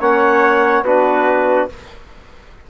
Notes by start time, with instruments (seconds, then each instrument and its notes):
0.00 bassoon A#3, trombone C#4, trumpet C#5, clarinet F#5
0.83 bassoon B3, trombone D4, trumpet F#4, clarinet B4